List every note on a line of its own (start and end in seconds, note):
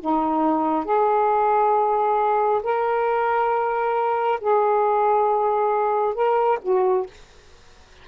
0.00 0.85 D#4
0.85 2.61 G#4
2.63 4.40 A#4
4.40 6.14 G#4
6.14 6.59 A#4
6.62 7.06 F#4